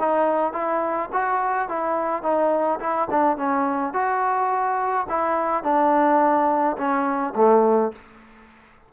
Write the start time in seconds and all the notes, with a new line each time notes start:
0.00 D#4
0.53 E4
1.13 F#4
1.69 E4
2.23 D#4
2.80 E4
3.11 D4
3.38 C#4
3.94 F#4
5.10 E4
5.64 D4
6.78 C#4
7.36 A3